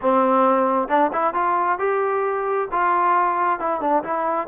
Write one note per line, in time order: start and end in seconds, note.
0.01 0.88 C4
0.88 1.10 D4
1.12 1.34 E4
1.34 1.78 F4
1.78 2.68 G4
2.71 3.59 F4
3.59 3.80 E4
3.80 4.03 D4
4.03 4.47 E4